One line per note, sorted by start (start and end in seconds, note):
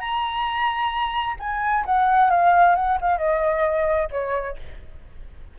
0.00 1.36 A#5
1.40 1.85 G#5
1.86 2.31 F#5
2.31 2.76 F5
2.76 2.99 F#5
3.01 3.18 F5
3.18 4.09 D#5
4.12 4.57 C#5